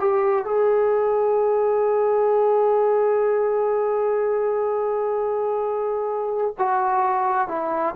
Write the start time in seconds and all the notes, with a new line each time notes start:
0.00 G4
0.46 G#4
6.59 F#4
7.49 E4